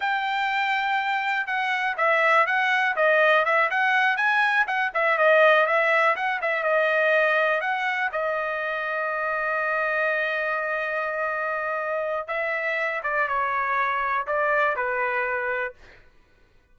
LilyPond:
\new Staff \with { instrumentName = "trumpet" } { \time 4/4 \tempo 4 = 122 g''2. fis''4 | e''4 fis''4 dis''4 e''8 fis''8~ | fis''8 gis''4 fis''8 e''8 dis''4 e''8~ | e''8 fis''8 e''8 dis''2 fis''8~ |
fis''8 dis''2.~ dis''8~ | dis''1~ | dis''4 e''4. d''8 cis''4~ | cis''4 d''4 b'2 | }